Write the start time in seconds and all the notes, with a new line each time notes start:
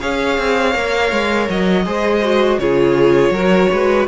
0.00 C#4 G#4 C#5 F5
0.38 C4
0.73 A#3 A#4
1.12 G#3
1.49 F#3 D#5
1.86 G#3 G#4 C5
2.23 F#4
2.59 C#3 F4 G#4 C#5
3.30 F#3 F#4 A#4
3.72 G#3 B4